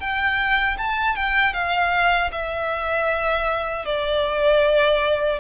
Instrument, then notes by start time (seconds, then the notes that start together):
violin
0.00 G5
0.78 A5
1.16 G5
1.53 F5
2.32 E5
3.85 D5